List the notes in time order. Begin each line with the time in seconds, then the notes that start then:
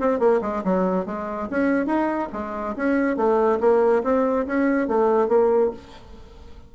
0.00 C4
0.20 A#3
0.42 G#3
0.64 F#3
1.06 G#3
1.50 C#4
1.86 D#4
2.33 G#3
2.76 C#4
3.17 A3
3.60 A#3
4.04 C4
4.47 C#4
4.88 A3
5.28 A#3